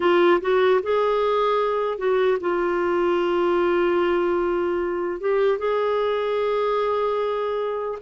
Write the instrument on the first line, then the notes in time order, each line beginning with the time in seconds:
clarinet
0.00 F4
0.40 F#4
0.83 G#4
1.97 F#4
2.40 F4
5.20 G4
5.58 G#4